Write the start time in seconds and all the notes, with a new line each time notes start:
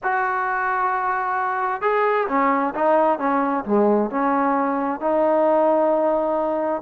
0.03 F#4
1.81 G#4
2.28 C#4
2.74 D#4
3.18 C#4
3.64 G#3
4.10 C#4
5.00 D#4